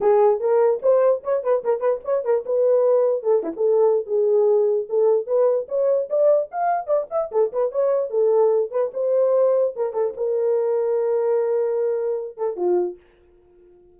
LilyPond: \new Staff \with { instrumentName = "horn" } { \time 4/4 \tempo 4 = 148 gis'4 ais'4 c''4 cis''8 b'8 | ais'8 b'8 cis''8 ais'8 b'2 | a'8 e'16 a'4~ a'16 gis'2 | a'4 b'4 cis''4 d''4 |
f''4 d''8 e''8 a'8 b'8 cis''4 | a'4. b'8 c''2 | ais'8 a'8 ais'2.~ | ais'2~ ais'8 a'8 f'4 | }